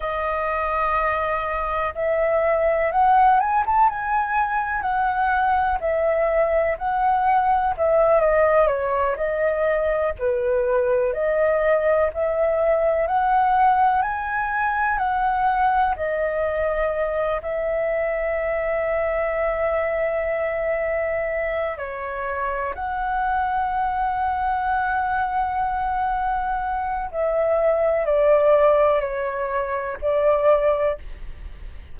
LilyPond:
\new Staff \with { instrumentName = "flute" } { \time 4/4 \tempo 4 = 62 dis''2 e''4 fis''8 gis''16 a''16 | gis''4 fis''4 e''4 fis''4 | e''8 dis''8 cis''8 dis''4 b'4 dis''8~ | dis''8 e''4 fis''4 gis''4 fis''8~ |
fis''8 dis''4. e''2~ | e''2~ e''8 cis''4 fis''8~ | fis''1 | e''4 d''4 cis''4 d''4 | }